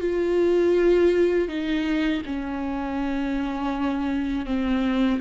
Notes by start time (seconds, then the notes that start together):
0.00 F4
1.48 D#4
2.26 C#4
4.45 C4